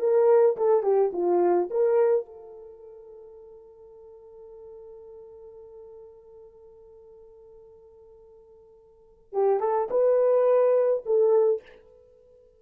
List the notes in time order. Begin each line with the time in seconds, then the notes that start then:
0.00 A#4
0.57 A4
0.83 G4
1.13 F4
1.71 A#4
2.26 A4
9.33 G4
9.60 A4
9.91 B4
11.06 A4